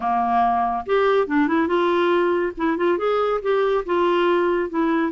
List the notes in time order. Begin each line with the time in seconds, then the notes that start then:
0.00 A#3
0.85 G4
1.27 D4
1.47 E4
1.67 F4
2.57 E4
2.77 F4
2.98 G#4
3.42 G4
3.85 F4
4.69 E4